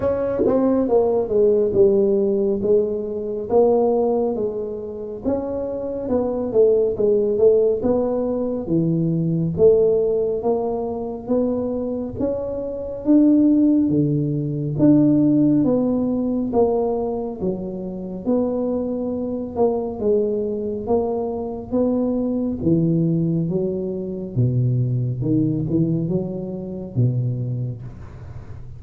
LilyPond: \new Staff \with { instrumentName = "tuba" } { \time 4/4 \tempo 4 = 69 cis'8 c'8 ais8 gis8 g4 gis4 | ais4 gis4 cis'4 b8 a8 | gis8 a8 b4 e4 a4 | ais4 b4 cis'4 d'4 |
d4 d'4 b4 ais4 | fis4 b4. ais8 gis4 | ais4 b4 e4 fis4 | b,4 dis8 e8 fis4 b,4 | }